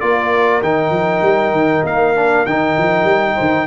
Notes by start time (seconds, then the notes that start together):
0.00 A#3 F4 A#4 D5
0.62 D#3 D#4 G5
0.90 F3
1.22 G3
1.51 D#3
1.84 A#3 F5
2.15 D4
2.46 D#3 D#4 G5
2.78 F3
3.04 G3
3.34 D#3 C5